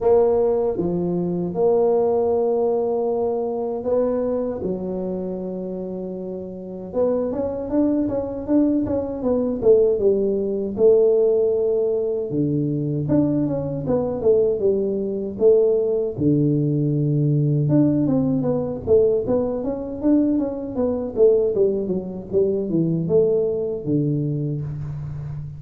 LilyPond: \new Staff \with { instrumentName = "tuba" } { \time 4/4 \tempo 4 = 78 ais4 f4 ais2~ | ais4 b4 fis2~ | fis4 b8 cis'8 d'8 cis'8 d'8 cis'8 | b8 a8 g4 a2 |
d4 d'8 cis'8 b8 a8 g4 | a4 d2 d'8 c'8 | b8 a8 b8 cis'8 d'8 cis'8 b8 a8 | g8 fis8 g8 e8 a4 d4 | }